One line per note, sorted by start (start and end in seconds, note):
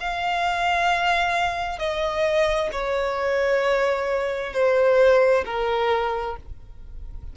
0.00 1.79 F5
1.79 2.70 D#5
2.72 4.53 C#5
4.53 5.44 C5
5.45 6.36 A#4